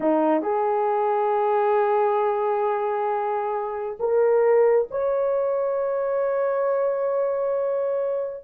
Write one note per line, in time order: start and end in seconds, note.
0.00 0.42 D#4
0.42 3.97 G#4
3.99 4.88 A#4
4.90 8.43 C#5